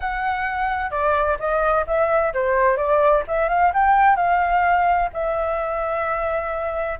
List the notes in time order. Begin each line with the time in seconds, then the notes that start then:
0.00 F#5
0.90 D5
1.39 D#5
1.86 E5
2.33 C5
2.76 D5
3.27 E5
3.49 F5
3.73 G5
4.16 F5
5.13 E5